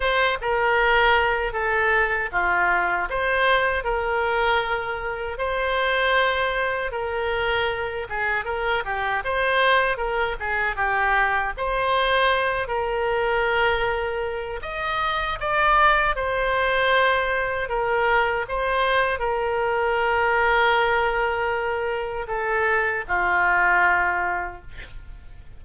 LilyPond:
\new Staff \with { instrumentName = "oboe" } { \time 4/4 \tempo 4 = 78 c''8 ais'4. a'4 f'4 | c''4 ais'2 c''4~ | c''4 ais'4. gis'8 ais'8 g'8 | c''4 ais'8 gis'8 g'4 c''4~ |
c''8 ais'2~ ais'8 dis''4 | d''4 c''2 ais'4 | c''4 ais'2.~ | ais'4 a'4 f'2 | }